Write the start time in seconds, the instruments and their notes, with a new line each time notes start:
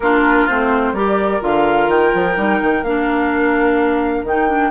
0.00 bassoon A#3, clarinet D4, oboe F4, flute A#4
0.47 bassoon A3, clarinet C4, flute C5
0.92 bassoon G3, clarinet G4, oboe A#4, flute D5
1.40 bassoon D3, clarinet F4, flute F5
1.87 bassoon D#3, flute G5
2.13 bassoon F3
2.35 bassoon G3, clarinet D#4
2.62 bassoon D#3
2.82 bassoon A#3, clarinet D4, flute F5
4.23 bassoon D#3, clarinet D#4, flute G5
4.48 clarinet D4